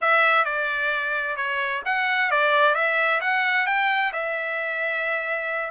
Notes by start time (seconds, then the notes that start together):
0.01 E5
0.44 D5
1.36 C#5
1.85 F#5
2.30 D5
2.74 E5
3.21 F#5
3.66 G5
4.12 E5